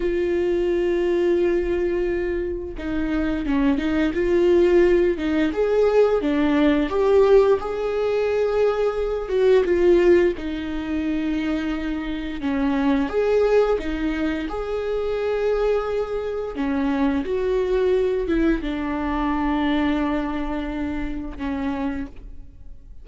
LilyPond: \new Staff \with { instrumentName = "viola" } { \time 4/4 \tempo 4 = 87 f'1 | dis'4 cis'8 dis'8 f'4. dis'8 | gis'4 d'4 g'4 gis'4~ | gis'4. fis'8 f'4 dis'4~ |
dis'2 cis'4 gis'4 | dis'4 gis'2. | cis'4 fis'4. e'8 d'4~ | d'2. cis'4 | }